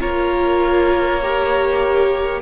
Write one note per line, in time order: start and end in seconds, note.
0.00 2.41 A#3
0.00 1.20 F4
0.00 2.40 A#4
0.00 2.40 C#5
1.22 2.41 G4